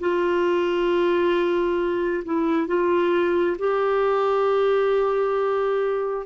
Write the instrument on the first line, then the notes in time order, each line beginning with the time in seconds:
clarinet
0.00 F4
2.25 E4
2.67 F4
3.58 G4